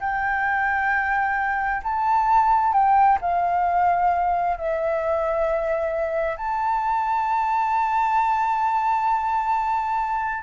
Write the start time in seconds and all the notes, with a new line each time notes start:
0.00 G5
1.83 A5
2.73 G5
3.21 F5
4.57 E5
6.36 A5